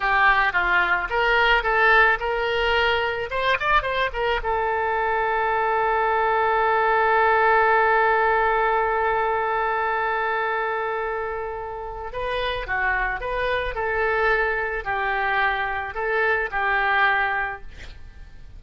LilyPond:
\new Staff \with { instrumentName = "oboe" } { \time 4/4 \tempo 4 = 109 g'4 f'4 ais'4 a'4 | ais'2 c''8 d''8 c''8 ais'8 | a'1~ | a'1~ |
a'1~ | a'2 b'4 fis'4 | b'4 a'2 g'4~ | g'4 a'4 g'2 | }